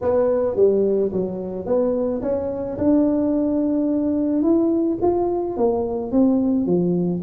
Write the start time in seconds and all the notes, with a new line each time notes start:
0.01 B3
0.56 G3
1.12 F#3
1.66 B3
2.22 C#4
2.78 D4
4.42 E4
5.01 F4
5.57 A#3
6.11 C4
6.66 F3